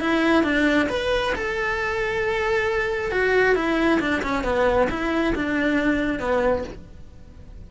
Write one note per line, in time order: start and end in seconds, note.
0.00 0.43 E4
0.43 0.87 D4
0.89 1.33 B4
1.35 3.11 A4
3.11 3.55 F#4
3.55 4.00 E4
4.00 4.22 D4
4.22 4.44 C#4
4.44 4.88 B3
4.90 5.34 E4
5.35 6.19 D4
6.19 6.64 B3